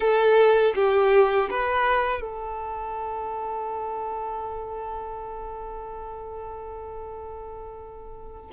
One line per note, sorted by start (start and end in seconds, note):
0.00 0.73 A4
0.75 1.49 G4
1.50 2.21 B4
2.21 8.50 A4